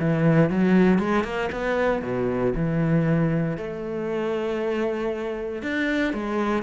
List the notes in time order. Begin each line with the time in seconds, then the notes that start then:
0.00 E3
0.50 F#3
0.99 G#3
1.24 A#3
1.52 B3
2.02 B2
2.55 E3
3.58 A3
5.63 D4
6.14 G#3